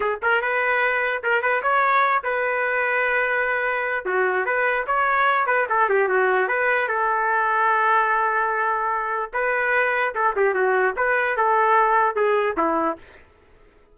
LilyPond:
\new Staff \with { instrumentName = "trumpet" } { \time 4/4 \tempo 4 = 148 gis'8 ais'8 b'2 ais'8 b'8 | cis''4. b'2~ b'8~ | b'2 fis'4 b'4 | cis''4. b'8 a'8 g'8 fis'4 |
b'4 a'2.~ | a'2. b'4~ | b'4 a'8 g'8 fis'4 b'4 | a'2 gis'4 e'4 | }